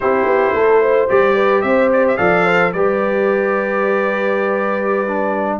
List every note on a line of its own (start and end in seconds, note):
0.00 0.25 C4
0.00 1.08 E4
0.00 0.55 G4
0.00 1.09 C5
0.25 0.52 B3
0.53 1.08 A3
0.53 0.81 A4
0.81 1.35 C5
1.08 1.63 G3
1.08 2.17 G4
1.08 1.61 D5
1.35 1.62 B4
1.61 2.17 C4
1.61 2.18 C5
1.61 1.89 E5
1.92 2.06 D5
2.07 2.17 E5
2.17 2.73 F3
2.17 2.72 A4
2.17 2.45 D5
2.17 2.71 F5
2.45 2.72 C5
2.72 5.59 G3
2.72 5.07 G4
2.72 5.59 B4
2.72 5.59 D5
5.07 5.59 D4